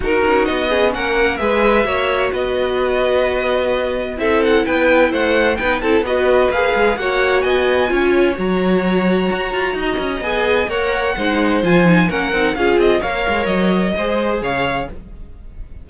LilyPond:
<<
  \new Staff \with { instrumentName = "violin" } { \time 4/4 \tempo 4 = 129 ais'4 dis''4 fis''4 e''4~ | e''4 dis''2.~ | dis''4 e''8 fis''8 g''4 fis''4 | g''8 a''8 dis''4 f''4 fis''4 |
gis''2 ais''2~ | ais''2 gis''4 fis''4~ | fis''4 gis''4 fis''4 f''8 dis''8 | f''4 dis''2 f''4 | }
  \new Staff \with { instrumentName = "violin" } { \time 4/4 fis'4. gis'8 ais'4 b'4 | cis''4 b'2.~ | b'4 a'4 b'4 c''4 | b'8 a'8 b'2 cis''4 |
dis''4 cis''2.~ | cis''4 dis''2 cis''4 | c''2 ais'4 gis'4 | cis''2 c''4 cis''4 | }
  \new Staff \with { instrumentName = "viola" } { \time 4/4 dis'4. cis'4. gis'4 | fis'1~ | fis'4 e'2. | dis'8 e'8 fis'4 gis'4 fis'4~ |
fis'4 f'4 fis'2~ | fis'2 gis'4 ais'4 | dis'4 f'8 dis'8 cis'8 dis'8 f'4 | ais'2 gis'2 | }
  \new Staff \with { instrumentName = "cello" } { \time 4/4 dis'8 cis'8 b4 ais4 gis4 | ais4 b2.~ | b4 c'4 b4 a4 | b8 c'8 b4 ais8 gis8 ais4 |
b4 cis'4 fis2 | fis'8 f'8 dis'8 cis'8 b4 ais4 | gis4 f4 ais8 c'8 cis'8 c'8 | ais8 gis8 fis4 gis4 cis4 | }
>>